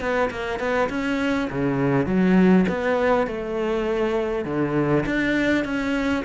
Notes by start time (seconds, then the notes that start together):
0.00 B3
0.31 A#3
0.59 B3
0.89 C#4
1.50 C#3
2.06 F#3
2.68 B3
3.27 A3
4.45 D3
5.06 D4
5.65 C#4